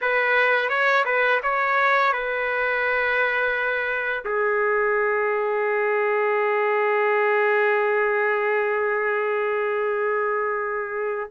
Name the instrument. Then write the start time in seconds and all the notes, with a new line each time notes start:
trumpet
0.01 B4
0.69 C#5
1.05 B4
1.42 C#5
2.12 B4
4.24 G#4